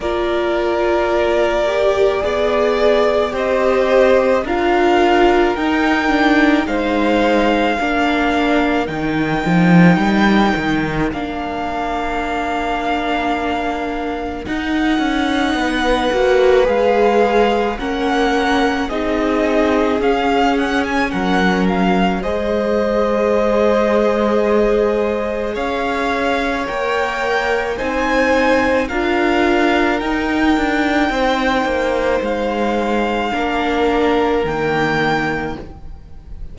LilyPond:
<<
  \new Staff \with { instrumentName = "violin" } { \time 4/4 \tempo 4 = 54 d''2. dis''4 | f''4 g''4 f''2 | g''2 f''2~ | f''4 fis''2 f''4 |
fis''4 dis''4 f''8 fis''16 gis''16 fis''8 f''8 | dis''2. f''4 | g''4 gis''4 f''4 g''4~ | g''4 f''2 g''4 | }
  \new Staff \with { instrumentName = "violin" } { \time 4/4 ais'2 d''4 c''4 | ais'2 c''4 ais'4~ | ais'1~ | ais'2 b'2 |
ais'4 gis'2 ais'4 | c''2. cis''4~ | cis''4 c''4 ais'2 | c''2 ais'2 | }
  \new Staff \with { instrumentName = "viola" } { \time 4/4 f'4. g'8 gis'4 g'4 | f'4 dis'8 d'8 dis'4 d'4 | dis'2 d'2~ | d'4 dis'4. fis'8 gis'4 |
cis'4 dis'4 cis'2 | gis'1 | ais'4 dis'4 f'4 dis'4~ | dis'2 d'4 ais4 | }
  \new Staff \with { instrumentName = "cello" } { \time 4/4 ais2 b4 c'4 | d'4 dis'4 gis4 ais4 | dis8 f8 g8 dis8 ais2~ | ais4 dis'8 cis'8 b8 ais8 gis4 |
ais4 c'4 cis'4 fis4 | gis2. cis'4 | ais4 c'4 d'4 dis'8 d'8 | c'8 ais8 gis4 ais4 dis4 | }
>>